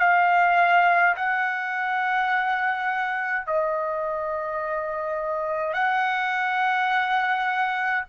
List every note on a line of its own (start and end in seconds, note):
0.00 1.15 F5
1.16 3.47 F#5
3.47 5.74 D#5
5.74 8.05 F#5